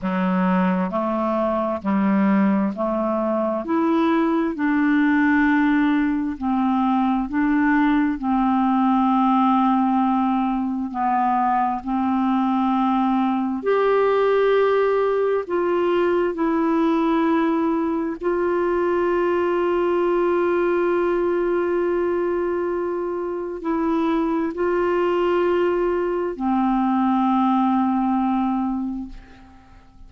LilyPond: \new Staff \with { instrumentName = "clarinet" } { \time 4/4 \tempo 4 = 66 fis4 a4 g4 a4 | e'4 d'2 c'4 | d'4 c'2. | b4 c'2 g'4~ |
g'4 f'4 e'2 | f'1~ | f'2 e'4 f'4~ | f'4 c'2. | }